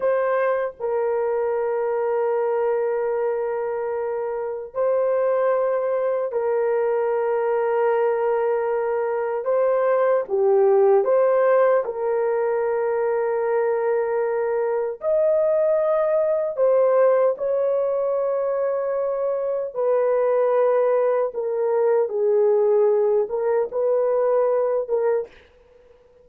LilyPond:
\new Staff \with { instrumentName = "horn" } { \time 4/4 \tempo 4 = 76 c''4 ais'2.~ | ais'2 c''2 | ais'1 | c''4 g'4 c''4 ais'4~ |
ais'2. dis''4~ | dis''4 c''4 cis''2~ | cis''4 b'2 ais'4 | gis'4. ais'8 b'4. ais'8 | }